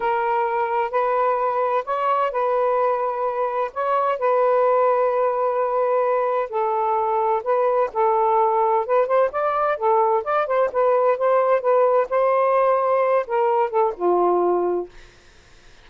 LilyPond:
\new Staff \with { instrumentName = "saxophone" } { \time 4/4 \tempo 4 = 129 ais'2 b'2 | cis''4 b'2. | cis''4 b'2.~ | b'2 a'2 |
b'4 a'2 b'8 c''8 | d''4 a'4 d''8 c''8 b'4 | c''4 b'4 c''2~ | c''8 ais'4 a'8 f'2 | }